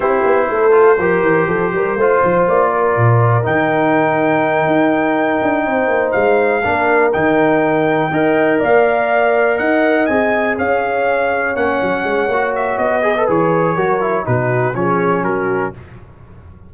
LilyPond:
<<
  \new Staff \with { instrumentName = "trumpet" } { \time 4/4 \tempo 4 = 122 c''1~ | c''4 d''2 g''4~ | g''1~ | g''8 f''2 g''4.~ |
g''4. f''2 fis''8~ | fis''8 gis''4 f''2 fis''8~ | fis''4. e''8 dis''4 cis''4~ | cis''4 b'4 cis''4 ais'4 | }
  \new Staff \with { instrumentName = "horn" } { \time 4/4 g'4 a'4 ais'4 a'8 ais'8 | c''4. ais'2~ ais'8~ | ais'2.~ ais'8 c''8~ | c''4. ais'2~ ais'8~ |
ais'8 dis''4 d''2 dis''8~ | dis''4. cis''2~ cis''8~ | cis''2~ cis''8 b'4. | ais'4 fis'4 gis'4 fis'4 | }
  \new Staff \with { instrumentName = "trombone" } { \time 4/4 e'4. f'8 g'2 | f'2. dis'4~ | dis'1~ | dis'4. d'4 dis'4.~ |
dis'8 ais'2.~ ais'8~ | ais'8 gis'2. cis'8~ | cis'4 fis'4. gis'16 a'16 gis'4 | fis'8 e'8 dis'4 cis'2 | }
  \new Staff \with { instrumentName = "tuba" } { \time 4/4 c'8 b8 a4 f8 e8 f8 g8 | a8 f8 ais4 ais,4 dis4~ | dis4. dis'4. d'8 c'8 | ais8 gis4 ais4 dis4.~ |
dis8 dis'4 ais2 dis'8~ | dis'8 c'4 cis'2 ais8 | fis8 gis8 ais4 b4 e4 | fis4 b,4 f4 fis4 | }
>>